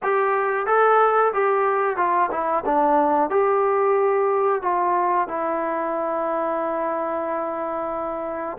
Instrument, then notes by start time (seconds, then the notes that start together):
trombone
0.02 G4
0.66 A4
1.33 G4
1.97 F4
2.31 E4
2.65 D4
3.30 G4
4.62 F4
5.27 E4